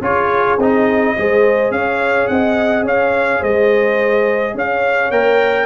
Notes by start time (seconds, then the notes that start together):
0.00 C#4 F4 G#4 C#5
0.58 C4 D#4 D#5
1.16 G#3 G#4 C5
1.70 C#4 C#5 F5
2.27 C4 D#5 F#5
2.82 C#4 C#5 F5
3.39 G#3 C5 D#5
4.54 C#4 C#5 F5
5.10 A#3 A#4 G5